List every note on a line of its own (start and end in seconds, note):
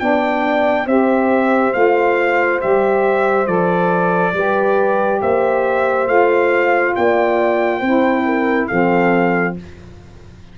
0.00 0.87 B3
0.00 0.87 D4
0.00 0.87 D5
0.00 0.87 G5
0.87 1.74 C4
0.87 1.73 G4
0.87 4.35 C5
0.87 1.74 E5
1.73 2.62 A3
1.73 2.59 F4
1.73 2.61 F5
2.59 3.47 G3
2.59 3.46 G4
2.59 3.47 E5
3.47 4.34 F3
3.47 4.34 A4
3.47 5.21 D5
4.34 5.21 G3
4.34 6.08 G4
4.34 5.21 B4
5.21 6.08 A#3
5.21 6.95 C5
5.21 6.08 E5
6.08 6.95 A3
6.08 7.82 F4
6.08 6.95 F5
6.96 7.81 A#3
6.96 7.80 D5
6.96 8.68 G5
7.80 8.68 C4
7.80 8.70 E4
7.80 8.23 C5
8.26 8.68 A#4
8.68 9.59 F3
8.68 9.57 C4
8.68 9.55 A4
8.68 9.55 F5